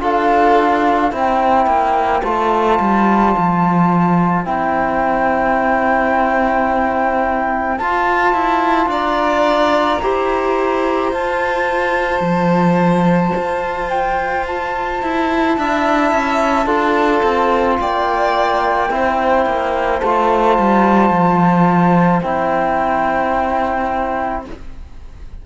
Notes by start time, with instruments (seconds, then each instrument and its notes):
0.00 cello D4, trombone F4, violin A4, flute F5
1.11 cello C4, trombone E4, violin C5, flute G5
1.66 cello A#3
2.23 cello A3, trombone F4, flute A5
2.79 cello G3
3.37 cello F3
4.45 cello C4, trombone E4, flute G5
7.78 trombone F4, cello F4, flute A5
8.34 cello E4
8.86 cello D4, violin D5, flute A#5
10.02 cello E4, trombone G4, violin C5
11.12 cello F4, trombone F4, flute A5
12.20 cello F3
13.36 cello F4
13.89 flute G5
14.46 flute A5
15.02 cello E4
15.58 cello D4, trombone E4, violin E5
16.12 cello C#4
16.66 cello D4, trombone F4, violin A4
17.23 cello C4
17.80 cello A#3, violin D5, flute G5
18.90 cello C4, trombone E4, violin C5
19.46 cello A#3
19.99 cello A3, trombone F4, flute A5
20.58 cello G3
21.10 cello F3
22.22 cello C4, trombone E4, flute G5